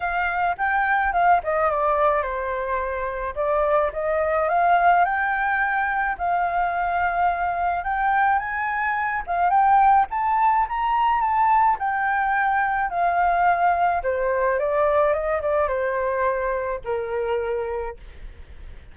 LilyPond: \new Staff \with { instrumentName = "flute" } { \time 4/4 \tempo 4 = 107 f''4 g''4 f''8 dis''8 d''4 | c''2 d''4 dis''4 | f''4 g''2 f''4~ | f''2 g''4 gis''4~ |
gis''8 f''8 g''4 a''4 ais''4 | a''4 g''2 f''4~ | f''4 c''4 d''4 dis''8 d''8 | c''2 ais'2 | }